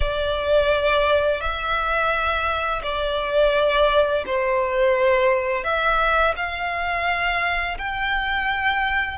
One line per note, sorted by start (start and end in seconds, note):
0.00 1.41 D5
1.41 2.82 E5
2.82 4.24 D5
4.26 5.63 C5
5.63 6.34 E5
6.36 7.77 F5
7.78 9.18 G5